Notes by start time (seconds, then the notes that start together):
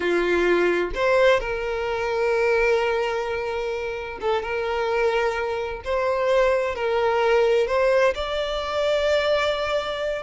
0.00 F4
0.95 C5
1.40 A#4
4.20 A4
4.42 A#4
5.84 C5
6.75 A#4
7.67 C5
8.14 D5